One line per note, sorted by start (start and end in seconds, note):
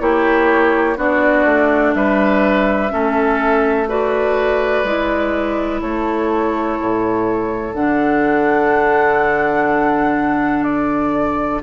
0.00 0.97 A#3
0.00 0.97 E4
0.00 0.98 G4
0.00 0.98 C#5
0.97 1.45 B3
0.97 2.90 D4
0.97 1.95 F#4
0.97 1.94 D5
1.45 1.94 A3
1.94 2.92 G3
1.94 2.93 B4
1.94 3.88 E5
2.90 4.84 A3
2.90 3.87 C#4
2.90 3.89 A4
3.88 4.85 F#4
3.88 5.82 B4
3.88 5.81 D5
4.84 5.81 G#3
4.84 7.75 E4
5.81 6.79 A3
5.81 11.62 A4
5.81 7.74 C#5
6.80 7.74 A2
7.74 11.61 D3
7.74 11.62 D4
7.74 10.64 F#5
10.64 11.60 D5